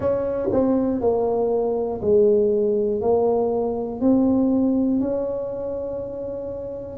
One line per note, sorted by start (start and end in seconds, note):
0.00 0.49 C#4
0.51 1.00 C4
1.00 2.00 A#3
2.00 3.00 G#3
3.01 4.00 A#3
4.00 5.00 C4
5.00 6.97 C#4